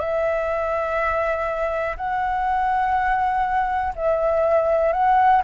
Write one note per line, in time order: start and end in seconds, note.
0.00 1.97 E5
1.97 3.94 F#5
3.96 4.94 E5
4.94 5.43 F#5